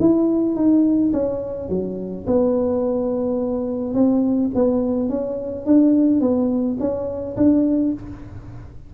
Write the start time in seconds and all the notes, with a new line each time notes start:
0.00 E4
0.55 D#4
1.13 C#4
1.69 F#3
2.26 B3
3.94 C4
4.54 B3
5.09 C#4
5.66 D4
6.21 B3
6.79 C#4
7.36 D4